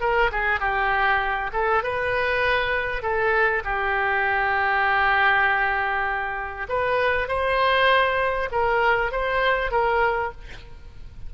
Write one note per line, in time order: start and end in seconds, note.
0.00 0.30 A#4
0.31 0.60 G#4
0.60 1.51 G4
1.52 1.83 A4
1.83 3.02 B4
3.02 3.63 A4
3.64 6.67 G4
6.68 7.28 B4
7.28 8.49 C5
8.51 9.11 A#4
9.11 9.71 C5
9.71 10.31 A#4